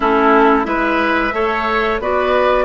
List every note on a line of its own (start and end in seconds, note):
0.00 0.66 A3
0.00 0.63 C#4
0.00 0.67 E4
0.00 0.64 A4
0.63 1.32 G#3
0.63 1.30 E4
0.63 1.34 B4
0.63 1.98 E5
1.33 2.00 A3
1.33 2.00 A4
1.33 2.01 C#5
2.00 2.64 B3
2.00 2.64 F#4
2.00 2.64 B4
2.00 2.64 D5